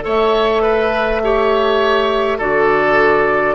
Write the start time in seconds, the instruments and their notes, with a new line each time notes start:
0.00 bassoon A3, clarinet A4, oboe C#5, flute E5
0.62 oboe B4
1.23 clarinet G4, oboe C#5
2.38 bassoon D3, clarinet F#4, oboe A4, flute D5